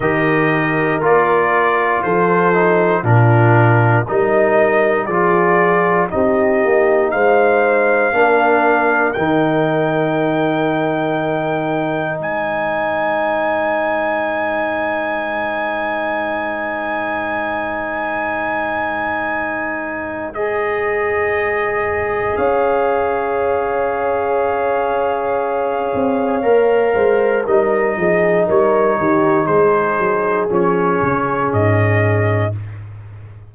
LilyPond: <<
  \new Staff \with { instrumentName = "trumpet" } { \time 4/4 \tempo 4 = 59 dis''4 d''4 c''4 ais'4 | dis''4 d''4 dis''4 f''4~ | f''4 g''2. | gis''1~ |
gis''1 | dis''2 f''2~ | f''2. dis''4 | cis''4 c''4 cis''4 dis''4 | }
  \new Staff \with { instrumentName = "horn" } { \time 4/4 ais'2 a'4 f'4 | ais'4 gis'4 g'4 c''4 | ais'1 | c''1~ |
c''1~ | c''2 cis''2~ | cis''2~ cis''8 c''8 ais'8 gis'8 | ais'8 g'8 gis'2. | }
  \new Staff \with { instrumentName = "trombone" } { \time 4/4 g'4 f'4. dis'8 d'4 | dis'4 f'4 dis'2 | d'4 dis'2.~ | dis'1~ |
dis'1 | gis'1~ | gis'2 ais'4 dis'4~ | dis'2 cis'2 | }
  \new Staff \with { instrumentName = "tuba" } { \time 4/4 dis4 ais4 f4 ais,4 | g4 f4 c'8 ais8 gis4 | ais4 dis2. | gis1~ |
gis1~ | gis2 cis'2~ | cis'4. c'8 ais8 gis8 g8 f8 | g8 dis8 gis8 fis8 f8 cis8 gis,4 | }
>>